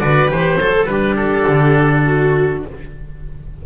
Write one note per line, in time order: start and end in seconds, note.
0.00 0.30 D3
0.00 0.28 F#4
0.00 0.60 B4
0.00 0.30 D5
0.28 0.57 E3
0.28 0.57 G4
0.28 0.86 C5
0.57 0.86 F#3
0.57 0.89 A4
0.86 1.45 G3
0.86 2.66 D4
0.86 2.06 G4
0.86 1.15 B4
1.16 2.63 A4
1.48 2.65 D3
2.06 2.64 F#4